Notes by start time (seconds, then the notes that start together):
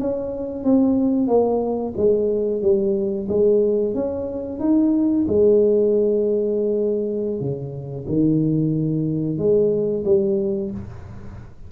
0.00 C#4
0.64 C4
1.28 A#3
1.97 G#3
2.62 G3
3.29 G#3
3.95 C#4
4.60 D#4
5.28 G#3
7.41 C#3
8.08 D#3
9.38 G#3
10.05 G3